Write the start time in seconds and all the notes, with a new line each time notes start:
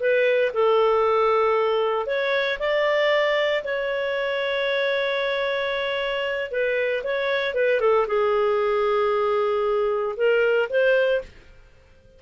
0.00 B4
0.54 A4
2.07 C#5
2.59 D5
3.64 C#5
6.51 B4
7.04 C#5
7.55 B4
7.80 A4
8.07 G#4
10.17 A#4
10.70 C5